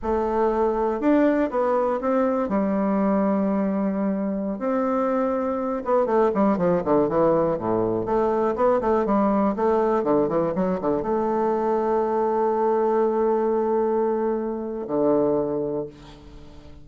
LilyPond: \new Staff \with { instrumentName = "bassoon" } { \time 4/4 \tempo 4 = 121 a2 d'4 b4 | c'4 g2.~ | g4~ g16 c'2~ c'8 b16~ | b16 a8 g8 f8 d8 e4 a,8.~ |
a,16 a4 b8 a8 g4 a8.~ | a16 d8 e8 fis8 d8 a4.~ a16~ | a1~ | a2 d2 | }